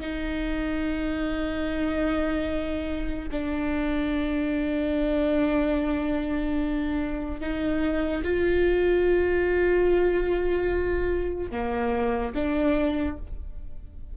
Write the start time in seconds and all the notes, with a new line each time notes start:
0.00 D#4
3.31 D4
7.40 D#4
8.24 F4
11.51 A#3
12.35 D4